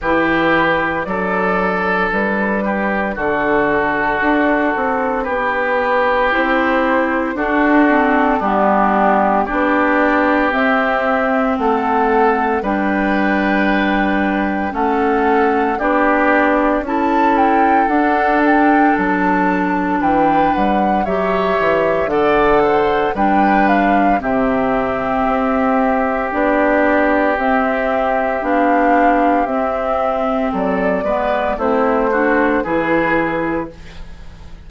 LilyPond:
<<
  \new Staff \with { instrumentName = "flute" } { \time 4/4 \tempo 4 = 57 b'4 d''4 b'4 a'4~ | a'4 b'4 c''4 a'4 | g'4 d''4 e''4 fis''4 | g''2 fis''4 d''4 |
a''8 g''8 fis''8 g''8 a''4 g''8 fis''8 | e''4 fis''4 g''8 f''8 e''4~ | e''4 d''4 e''4 f''4 | e''4 d''4 c''4 b'4 | }
  \new Staff \with { instrumentName = "oboe" } { \time 4/4 g'4 a'4. g'8 fis'4~ | fis'4 g'2 fis'4 | d'4 g'2 a'4 | b'2 a'4 g'4 |
a'2. b'4 | cis''4 d''8 c''8 b'4 g'4~ | g'1~ | g'4 a'8 b'8 e'8 fis'8 gis'4 | }
  \new Staff \with { instrumentName = "clarinet" } { \time 4/4 e'4 d'2.~ | d'2 e'4 d'8 c'8 | b4 d'4 c'2 | d'2 cis'4 d'4 |
e'4 d'2. | g'4 a'4 d'4 c'4~ | c'4 d'4 c'4 d'4 | c'4. b8 c'8 d'8 e'4 | }
  \new Staff \with { instrumentName = "bassoon" } { \time 4/4 e4 fis4 g4 d4 | d'8 c'8 b4 c'4 d'4 | g4 b4 c'4 a4 | g2 a4 b4 |
cis'4 d'4 fis4 e8 g8 | fis8 e8 d4 g4 c4 | c'4 b4 c'4 b4 | c'4 fis8 gis8 a4 e4 | }
>>